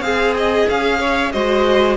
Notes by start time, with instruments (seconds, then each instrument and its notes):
0.00 cello C4, viola G#4, violin G#4 F5
0.37 violin D#5
0.69 cello C#4, violin F5
0.99 violin C#5
1.32 cello G#3, viola F#4, violin C5 D#5